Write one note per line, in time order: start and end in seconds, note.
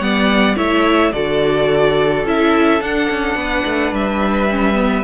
0.00 0.56 G3
0.00 0.57 B3
0.00 0.56 D5
0.00 0.56 F#5
0.56 1.13 A3
0.56 1.13 E4
0.56 1.12 C#5
0.56 1.13 E5
1.13 2.25 D3
1.13 2.26 F#4
1.13 3.39 A4
1.13 2.25 D5
2.25 2.81 C#4
2.25 2.81 E4
2.25 2.82 E5
2.81 4.49 D4
2.81 3.09 D4
2.81 3.95 F#5
3.11 3.36 C#4
3.36 3.64 B3
3.36 5.04 B4
3.66 3.92 A3
3.92 5.04 G3
3.92 5.04 E5
4.51 4.75 C#4
4.75 5.03 B3